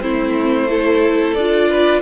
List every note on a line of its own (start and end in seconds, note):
0.00 1.36 A3
0.00 0.67 C4
0.00 0.70 E4
0.00 1.34 C5
0.69 1.36 E4
0.69 1.70 A4
1.34 2.01 D4
1.34 2.01 F4
1.34 2.00 D5
1.70 2.01 B4